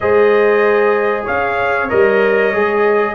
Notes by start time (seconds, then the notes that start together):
0.00 G#3 G#4 C5 D#5
1.24 C#4 C#5 F5
1.89 G3 A#4 D#5
2.52 G#3 G#4